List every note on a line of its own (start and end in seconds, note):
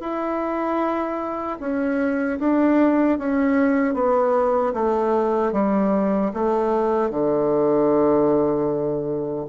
0.00 1.58 E4
1.60 2.39 C#4
2.39 3.18 D4
3.18 3.94 C#4
3.94 4.73 B3
4.74 5.52 A3
5.52 6.31 G3
6.34 7.10 A3
7.10 9.47 D3